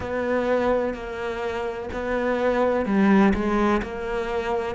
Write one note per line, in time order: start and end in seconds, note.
0.00 0.94 B3
0.94 1.89 A#3
1.93 2.85 B3
2.85 3.33 G3
3.34 3.81 G#3
3.82 4.75 A#3